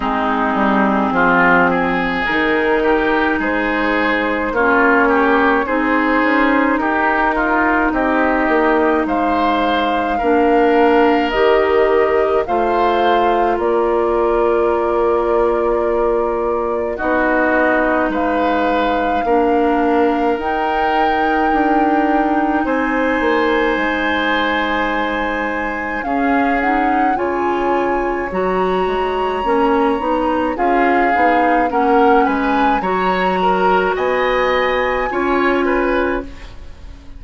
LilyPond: <<
  \new Staff \with { instrumentName = "flute" } { \time 4/4 \tempo 4 = 53 gis'2 ais'4 c''4 | cis''4 c''4 ais'4 dis''4 | f''2 dis''4 f''4 | d''2. dis''4 |
f''2 g''2 | gis''2. f''8 fis''8 | gis''4 ais''2 f''4 | fis''8 gis''8 ais''4 gis''2 | }
  \new Staff \with { instrumentName = "oboe" } { \time 4/4 dis'4 f'8 gis'4 g'8 gis'4 | f'8 g'8 gis'4 g'8 f'8 g'4 | c''4 ais'2 c''4 | ais'2. fis'4 |
b'4 ais'2. | c''2. gis'4 | cis''2. gis'4 | ais'8 b'8 cis''8 ais'8 dis''4 cis''8 b'8 | }
  \new Staff \with { instrumentName = "clarinet" } { \time 4/4 c'2 dis'2 | cis'4 dis'2.~ | dis'4 d'4 g'4 f'4~ | f'2. dis'4~ |
dis'4 d'4 dis'2~ | dis'2. cis'8 dis'8 | f'4 fis'4 cis'8 dis'8 f'8 dis'8 | cis'4 fis'2 f'4 | }
  \new Staff \with { instrumentName = "bassoon" } { \time 4/4 gis8 g8 f4 dis4 gis4 | ais4 c'8 cis'8 dis'4 c'8 ais8 | gis4 ais4 dis4 a4 | ais2. b4 |
gis4 ais4 dis'4 d'4 | c'8 ais8 gis2 cis'4 | cis4 fis8 gis8 ais8 b8 cis'8 b8 | ais8 gis8 fis4 b4 cis'4 | }
>>